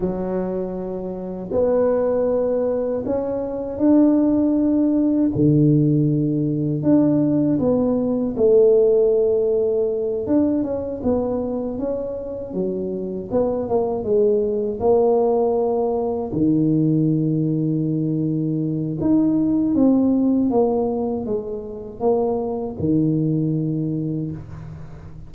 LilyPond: \new Staff \with { instrumentName = "tuba" } { \time 4/4 \tempo 4 = 79 fis2 b2 | cis'4 d'2 d4~ | d4 d'4 b4 a4~ | a4. d'8 cis'8 b4 cis'8~ |
cis'8 fis4 b8 ais8 gis4 ais8~ | ais4. dis2~ dis8~ | dis4 dis'4 c'4 ais4 | gis4 ais4 dis2 | }